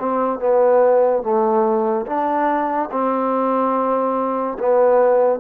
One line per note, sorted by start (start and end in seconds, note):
0.00 0.40 C4
0.40 1.23 B3
1.23 2.06 A3
2.06 2.90 D4
2.92 4.58 C4
4.59 5.40 B3